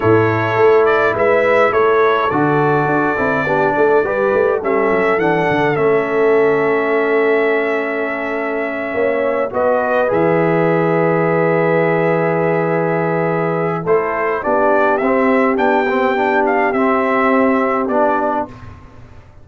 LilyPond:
<<
  \new Staff \with { instrumentName = "trumpet" } { \time 4/4 \tempo 4 = 104 cis''4. d''8 e''4 cis''4 | d''1 | e''4 fis''4 e''2~ | e''1~ |
e''8 dis''4 e''2~ e''8~ | e''1 | c''4 d''4 e''4 g''4~ | g''8 f''8 e''2 d''4 | }
  \new Staff \with { instrumentName = "horn" } { \time 4/4 a'2 b'4 a'4~ | a'2 g'8 a'8 b'4 | a'1~ | a'2.~ a'8 cis''8~ |
cis''8 b'2.~ b'8~ | b'1 | a'4 g'2.~ | g'1 | }
  \new Staff \with { instrumentName = "trombone" } { \time 4/4 e'1 | fis'4. e'8 d'4 g'4 | cis'4 d'4 cis'2~ | cis'1~ |
cis'8 fis'4 gis'2~ gis'8~ | gis'1 | e'4 d'4 c'4 d'8 c'8 | d'4 c'2 d'4 | }
  \new Staff \with { instrumentName = "tuba" } { \time 4/4 a,4 a4 gis4 a4 | d4 d'8 c'8 b8 a8 g8 a8 | g8 fis8 e8 d8 a2~ | a2.~ a8 ais8~ |
ais8 b4 e2~ e8~ | e1 | a4 b4 c'4 b4~ | b4 c'2 b4 | }
>>